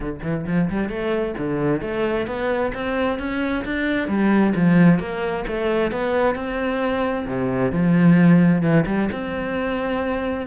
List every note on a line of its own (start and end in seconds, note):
0.00 0.19 D3
0.22 0.45 E3
0.46 0.69 F3
0.70 0.89 G3
0.89 1.34 A3
1.37 1.81 D3
1.81 2.26 A3
2.26 2.72 B3
2.74 3.18 C4
3.18 3.64 C#4
3.64 4.08 D4
4.08 4.53 G3
4.55 4.99 F3
4.99 5.44 A#3
5.47 5.91 A3
5.91 6.35 B3
6.35 7.26 C4
7.27 7.71 C3
7.71 8.62 F3
8.62 8.85 E3
8.86 9.09 G3
9.12 10.46 C4